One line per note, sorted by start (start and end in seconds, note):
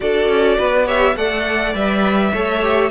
0.00 0.28 D4
0.00 0.86 F#4
0.00 0.57 A4
0.00 0.87 D5
0.28 0.57 C#4
0.57 1.15 B3
0.57 0.85 B4
0.85 1.15 G4
0.85 1.15 C#5
0.85 1.16 E5
1.15 1.73 A3
1.15 1.74 A4
1.15 2.32 D5
1.15 1.74 F#5
1.74 2.32 G3
1.74 2.33 B4
1.74 2.90 E5
2.32 2.90 A3
2.32 2.62 A4
2.32 2.90 C#5
2.62 2.90 G4